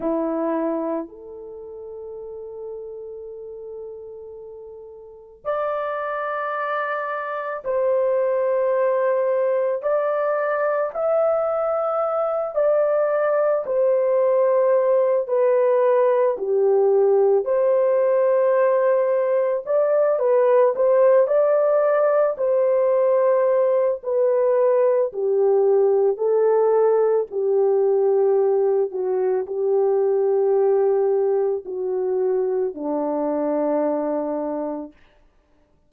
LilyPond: \new Staff \with { instrumentName = "horn" } { \time 4/4 \tempo 4 = 55 e'4 a'2.~ | a'4 d''2 c''4~ | c''4 d''4 e''4. d''8~ | d''8 c''4. b'4 g'4 |
c''2 d''8 b'8 c''8 d''8~ | d''8 c''4. b'4 g'4 | a'4 g'4. fis'8 g'4~ | g'4 fis'4 d'2 | }